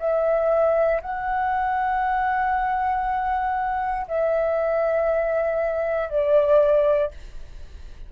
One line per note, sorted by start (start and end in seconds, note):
0.00 1.02 E5
1.02 4.07 F#5
4.08 6.10 E5
6.10 7.11 D5